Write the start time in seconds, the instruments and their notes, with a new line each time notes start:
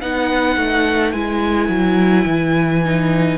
0.00 cello B3, viola D#4, violin B4 F#5
0.56 cello A3
1.11 cello G#3, viola E4, violin G#5
1.68 cello F#3
2.25 cello E3
2.84 viola D#4